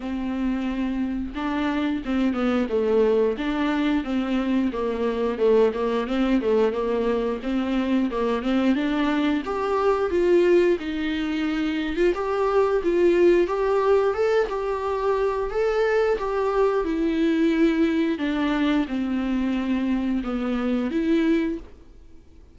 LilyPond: \new Staff \with { instrumentName = "viola" } { \time 4/4 \tempo 4 = 89 c'2 d'4 c'8 b8 | a4 d'4 c'4 ais4 | a8 ais8 c'8 a8 ais4 c'4 | ais8 c'8 d'4 g'4 f'4 |
dis'4.~ dis'16 f'16 g'4 f'4 | g'4 a'8 g'4. a'4 | g'4 e'2 d'4 | c'2 b4 e'4 | }